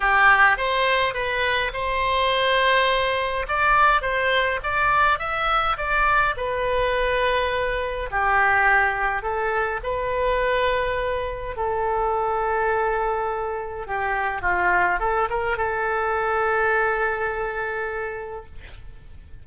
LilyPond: \new Staff \with { instrumentName = "oboe" } { \time 4/4 \tempo 4 = 104 g'4 c''4 b'4 c''4~ | c''2 d''4 c''4 | d''4 e''4 d''4 b'4~ | b'2 g'2 |
a'4 b'2. | a'1 | g'4 f'4 a'8 ais'8 a'4~ | a'1 | }